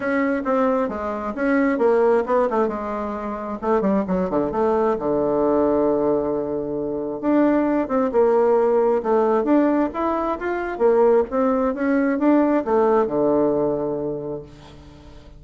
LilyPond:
\new Staff \with { instrumentName = "bassoon" } { \time 4/4 \tempo 4 = 133 cis'4 c'4 gis4 cis'4 | ais4 b8 a8 gis2 | a8 g8 fis8 d8 a4 d4~ | d1 |
d'4. c'8 ais2 | a4 d'4 e'4 f'4 | ais4 c'4 cis'4 d'4 | a4 d2. | }